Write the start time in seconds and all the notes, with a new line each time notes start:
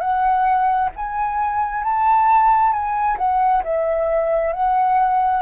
0.00 F#5
0.96 G#5
1.84 A5
2.72 G#5
3.18 F#5
3.64 E5
4.53 F#5